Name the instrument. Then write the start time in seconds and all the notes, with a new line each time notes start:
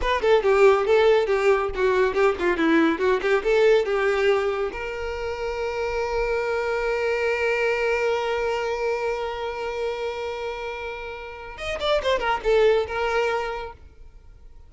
violin
0.01 B4
0.21 A4
0.43 G4
0.86 A4
1.26 G4
1.75 F#4
2.14 G4
2.39 F4
2.57 E4
2.98 F#4
3.21 G4
3.43 A4
3.85 G4
4.72 A#4
11.57 D#5
11.80 D5
12.03 C5
12.19 A#4
12.43 A4
12.87 A#4